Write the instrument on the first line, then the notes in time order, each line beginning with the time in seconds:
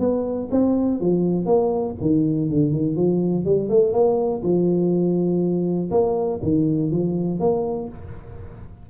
tuba
0.00 B3
0.52 C4
1.01 F3
1.46 A#3
2.01 D#3
2.50 D3
2.73 D#3
2.97 F3
3.45 G3
3.70 A3
3.93 A#3
4.43 F3
5.92 A#3
6.43 D#3
6.92 F3
7.40 A#3